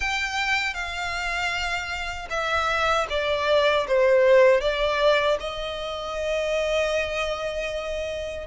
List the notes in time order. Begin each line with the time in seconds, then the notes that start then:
0.00 G5
0.74 F5
2.30 E5
3.09 D5
3.87 C5
4.60 D5
5.40 D#5